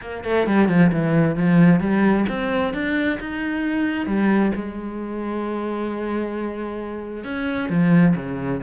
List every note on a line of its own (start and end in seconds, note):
0.01 0.24 A#3
0.24 0.46 A3
0.46 0.68 G3
0.68 0.91 F3
0.92 1.36 E3
1.36 1.80 F3
1.80 2.25 G3
2.29 2.73 C4
2.73 3.19 D4
3.19 4.06 D#4
4.06 4.51 G3
4.55 7.24 G#3
7.24 7.69 C#4
7.69 8.15 F3
8.16 8.61 C#3